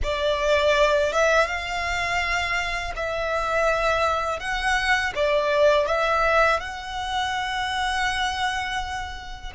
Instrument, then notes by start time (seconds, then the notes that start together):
violin
0.03 D5
1.12 E5
1.46 F5
2.96 E5
4.39 F#5
5.15 D5
5.86 E5
6.60 F#5